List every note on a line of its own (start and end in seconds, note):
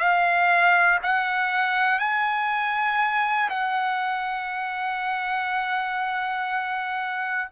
0.00 1.00 F5
1.03 2.00 F#5
2.00 3.50 G#5
3.50 7.50 F#5